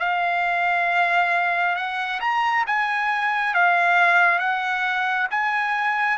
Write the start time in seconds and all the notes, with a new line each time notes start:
0.00 F5
1.76 F#5
2.21 A#5
2.67 G#5
3.55 F5
4.40 F#5
5.31 G#5